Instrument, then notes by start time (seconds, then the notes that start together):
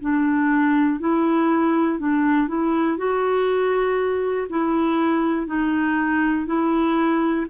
clarinet
0.00 D4
1.00 E4
1.99 D4
2.47 E4
2.97 F#4
4.49 E4
5.46 D#4
6.46 E4